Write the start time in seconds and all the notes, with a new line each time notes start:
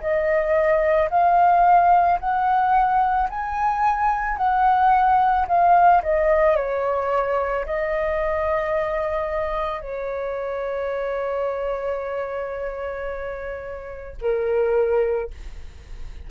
0.00 D#5
1.10 F5
2.20 F#5
3.29 G#5
4.37 F#5
5.47 F5
6.03 D#5
6.56 C#5
7.66 D#5
9.81 C#5
14.21 A#4